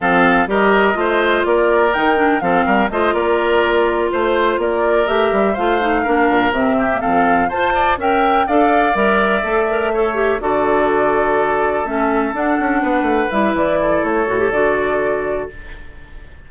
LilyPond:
<<
  \new Staff \with { instrumentName = "flute" } { \time 4/4 \tempo 4 = 124 f''4 dis''2 d''4 | g''4 f''4 dis''8 d''4.~ | d''8 c''4 d''4 e''4 f''8~ | f''4. e''4 f''4 a''8~ |
a''8 g''4 f''4 e''4.~ | e''4. d''2~ d''8~ | d''8 e''4 fis''2 e''8 | d''4 cis''4 d''2 | }
  \new Staff \with { instrumentName = "oboe" } { \time 4/4 a'4 ais'4 c''4 ais'4~ | ais'4 a'8 ais'8 c''8 ais'4.~ | ais'8 c''4 ais'2 c''8~ | c''8 ais'4. g'8 a'4 c''8 |
d''8 e''4 d''2~ d''8~ | d''8 cis''4 a'2~ a'8~ | a'2~ a'8 b'4.~ | b'8 a'2.~ a'8 | }
  \new Staff \with { instrumentName = "clarinet" } { \time 4/4 c'4 g'4 f'2 | dis'8 d'8 c'4 f'2~ | f'2~ f'8 g'4 f'8 | dis'8 d'4 c'8. ais16 c'4 c''8~ |
c''8 ais'4 a'4 ais'4 a'8 | ais'8 a'8 g'8 fis'2~ fis'8~ | fis'8 cis'4 d'2 e'8~ | e'4. fis'16 g'16 fis'2 | }
  \new Staff \with { instrumentName = "bassoon" } { \time 4/4 f4 g4 a4 ais4 | dis4 f8 g8 a8 ais4.~ | ais8 a4 ais4 a8 g8 a8~ | a8 ais8 ais,8 c4 f,4 f'8~ |
f'8 cis'4 d'4 g4 a8~ | a4. d2~ d8~ | d8 a4 d'8 cis'8 b8 a8 g8 | e4 a8 a,8 d2 | }
>>